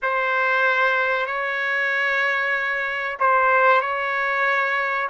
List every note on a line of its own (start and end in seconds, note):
0.02 1.26 C5
1.26 3.17 C#5
3.19 3.81 C5
3.81 5.08 C#5